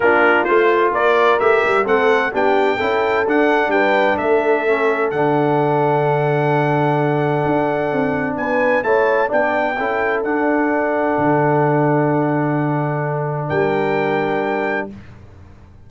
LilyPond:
<<
  \new Staff \with { instrumentName = "trumpet" } { \time 4/4 \tempo 4 = 129 ais'4 c''4 d''4 e''4 | fis''4 g''2 fis''4 | g''4 e''2 fis''4~ | fis''1~ |
fis''2 gis''4 a''4 | g''2 fis''2~ | fis''1~ | fis''4 g''2. | }
  \new Staff \with { instrumentName = "horn" } { \time 4/4 f'2 ais'2 | a'4 g'4 a'2 | b'4 a'2.~ | a'1~ |
a'2 b'4 cis''4 | d''4 a'2.~ | a'1~ | a'4 ais'2. | }
  \new Staff \with { instrumentName = "trombone" } { \time 4/4 d'4 f'2 g'4 | c'4 d'4 e'4 d'4~ | d'2 cis'4 d'4~ | d'1~ |
d'2. e'4 | d'4 e'4 d'2~ | d'1~ | d'1 | }
  \new Staff \with { instrumentName = "tuba" } { \time 4/4 ais4 a4 ais4 a8 g8 | a4 b4 cis'4 d'4 | g4 a2 d4~ | d1 |
d'4 c'4 b4 a4 | b4 cis'4 d'2 | d1~ | d4 g2. | }
>>